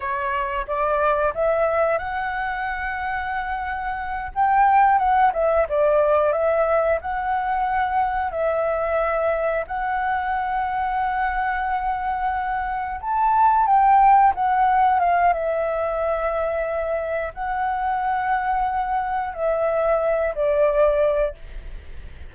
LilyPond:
\new Staff \with { instrumentName = "flute" } { \time 4/4 \tempo 4 = 90 cis''4 d''4 e''4 fis''4~ | fis''2~ fis''8 g''4 fis''8 | e''8 d''4 e''4 fis''4.~ | fis''8 e''2 fis''4.~ |
fis''2.~ fis''8 a''8~ | a''8 g''4 fis''4 f''8 e''4~ | e''2 fis''2~ | fis''4 e''4. d''4. | }